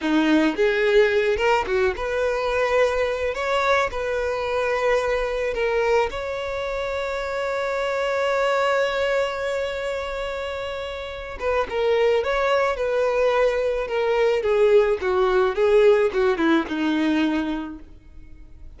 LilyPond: \new Staff \with { instrumentName = "violin" } { \time 4/4 \tempo 4 = 108 dis'4 gis'4. ais'8 fis'8 b'8~ | b'2 cis''4 b'4~ | b'2 ais'4 cis''4~ | cis''1~ |
cis''1~ | cis''8 b'8 ais'4 cis''4 b'4~ | b'4 ais'4 gis'4 fis'4 | gis'4 fis'8 e'8 dis'2 | }